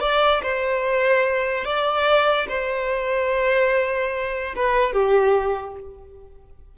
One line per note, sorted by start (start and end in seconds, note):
0.00 0.41 D5
0.42 1.64 C5
1.64 2.47 D5
2.48 4.54 C5
4.56 4.93 B4
4.93 5.75 G4